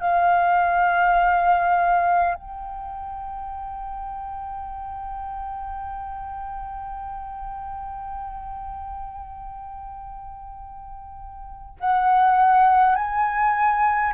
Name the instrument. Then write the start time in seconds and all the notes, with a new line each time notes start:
flute
0.00 F5
2.34 G5
11.80 F#5
12.95 G#5